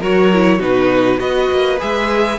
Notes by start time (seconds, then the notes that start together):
0.00 F#3 F#4 A#4 C#5
0.32 E4
0.58 B2 D#4 F#4 B4
1.18 B3 F#4 B4 D#5
1.51 A#3
1.79 G#3 G#4 E5